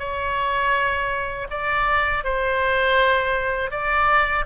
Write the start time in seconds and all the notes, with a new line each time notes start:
0.00 C#5
1.51 D5
2.25 C5
3.71 D5